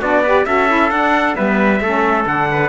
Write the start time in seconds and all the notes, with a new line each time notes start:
0.00 B3 D4 F#4 D5
0.23 G4 B4
0.45 C#4 F#4 A4 E5
0.68 E4
0.90 D4 F#5
1.35 G3 B3 B4 E5
1.80 A3 C#4 A4
2.26 D3 D4 F#5
2.51 B4